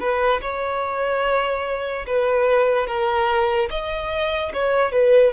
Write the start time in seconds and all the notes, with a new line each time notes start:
0.00 B4
0.41 C#5
2.07 B4
2.87 A#4
3.71 D#5
4.54 C#5
4.92 B4